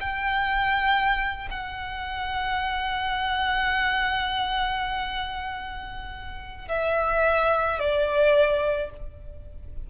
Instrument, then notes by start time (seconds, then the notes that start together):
violin
0.00 G5
1.50 F#5
6.68 E5
7.79 D5